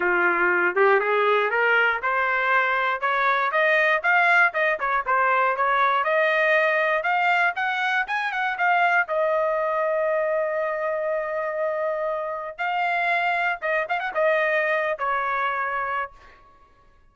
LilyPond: \new Staff \with { instrumentName = "trumpet" } { \time 4/4 \tempo 4 = 119 f'4. g'8 gis'4 ais'4 | c''2 cis''4 dis''4 | f''4 dis''8 cis''8 c''4 cis''4 | dis''2 f''4 fis''4 |
gis''8 fis''8 f''4 dis''2~ | dis''1~ | dis''4 f''2 dis''8 f''16 fis''16 | dis''4.~ dis''16 cis''2~ cis''16 | }